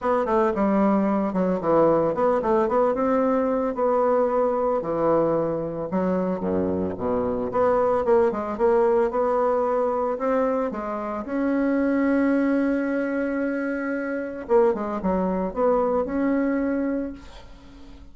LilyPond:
\new Staff \with { instrumentName = "bassoon" } { \time 4/4 \tempo 4 = 112 b8 a8 g4. fis8 e4 | b8 a8 b8 c'4. b4~ | b4 e2 fis4 | fis,4 b,4 b4 ais8 gis8 |
ais4 b2 c'4 | gis4 cis'2.~ | cis'2. ais8 gis8 | fis4 b4 cis'2 | }